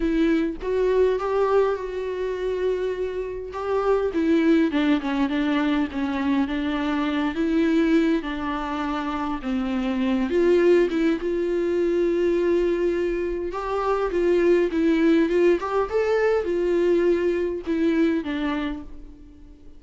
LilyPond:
\new Staff \with { instrumentName = "viola" } { \time 4/4 \tempo 4 = 102 e'4 fis'4 g'4 fis'4~ | fis'2 g'4 e'4 | d'8 cis'8 d'4 cis'4 d'4~ | d'8 e'4. d'2 |
c'4. f'4 e'8 f'4~ | f'2. g'4 | f'4 e'4 f'8 g'8 a'4 | f'2 e'4 d'4 | }